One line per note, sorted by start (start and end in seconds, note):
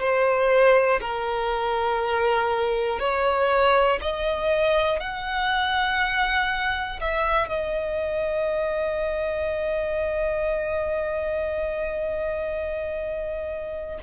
0.00 1.00 C5
1.01 3.00 A#4
3.00 4.00 C#5
4.01 5.00 D#5
5.00 7.00 F#5
7.01 7.49 E5
7.49 13.99 D#5